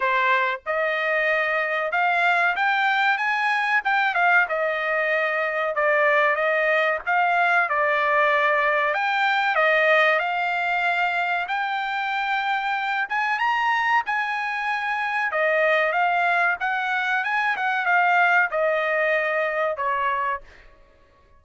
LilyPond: \new Staff \with { instrumentName = "trumpet" } { \time 4/4 \tempo 4 = 94 c''4 dis''2 f''4 | g''4 gis''4 g''8 f''8 dis''4~ | dis''4 d''4 dis''4 f''4 | d''2 g''4 dis''4 |
f''2 g''2~ | g''8 gis''8 ais''4 gis''2 | dis''4 f''4 fis''4 gis''8 fis''8 | f''4 dis''2 cis''4 | }